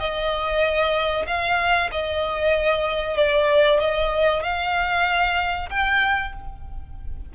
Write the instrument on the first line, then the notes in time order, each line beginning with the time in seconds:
violin
0.00 D#5
1.27 F5
1.92 D#5
3.17 D5
3.80 D#5
4.43 F5
5.70 G5